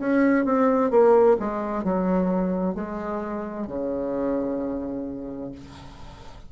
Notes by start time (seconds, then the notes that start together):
0.00 C#4
0.46 C4
0.91 A#3
1.40 G#3
1.85 F#3
2.75 G#3
3.68 C#3